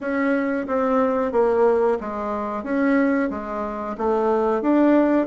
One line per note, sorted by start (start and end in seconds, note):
0.00 0.66 C#4
0.67 1.32 C4
1.32 1.98 A#3
2.00 2.63 G#3
2.63 3.29 C#4
3.30 3.96 G#3
3.97 4.61 A3
4.61 5.26 D4